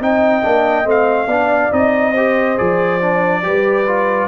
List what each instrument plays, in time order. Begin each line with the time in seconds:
0.00 tuba C4, trombone D#4, horn D#5, trumpet G5
0.42 tuba A#3, trombone D4
0.85 tuba A3, trombone C4, trumpet F5
1.27 tuba B3, trombone D4, horn D5
1.71 tuba C4, trombone D#4, trumpet D#5
2.12 trombone G4, horn C5
2.58 tuba F3, trombone G#4, trumpet D5
3.01 trombone D4
3.43 tuba G3, trombone G4, horn B4
3.87 trombone F4